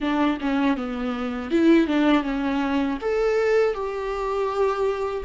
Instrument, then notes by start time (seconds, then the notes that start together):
viola
0.00 D4
0.40 C#4
0.76 B3
1.50 E4
1.87 D4
2.23 C#4
3.01 A4
3.73 G4